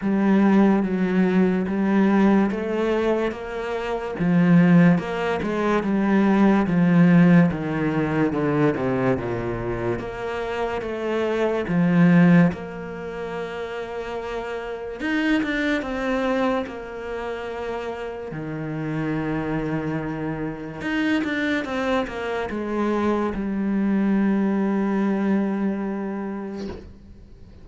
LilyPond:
\new Staff \with { instrumentName = "cello" } { \time 4/4 \tempo 4 = 72 g4 fis4 g4 a4 | ais4 f4 ais8 gis8 g4 | f4 dis4 d8 c8 ais,4 | ais4 a4 f4 ais4~ |
ais2 dis'8 d'8 c'4 | ais2 dis2~ | dis4 dis'8 d'8 c'8 ais8 gis4 | g1 | }